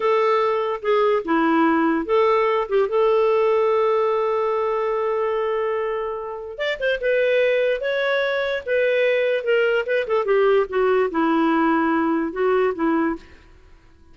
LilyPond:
\new Staff \with { instrumentName = "clarinet" } { \time 4/4 \tempo 4 = 146 a'2 gis'4 e'4~ | e'4 a'4. g'8 a'4~ | a'1~ | a'1 |
d''8 c''8 b'2 cis''4~ | cis''4 b'2 ais'4 | b'8 a'8 g'4 fis'4 e'4~ | e'2 fis'4 e'4 | }